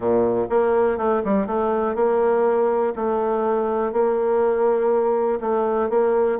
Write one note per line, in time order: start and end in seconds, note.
0.00 0.47 A#2
0.49 0.97 A#3
0.97 1.22 A3
1.24 1.46 G3
1.46 1.95 A3
1.95 2.93 A#3
2.95 3.92 A3
3.92 5.39 A#3
5.40 5.89 A3
5.89 6.38 A#3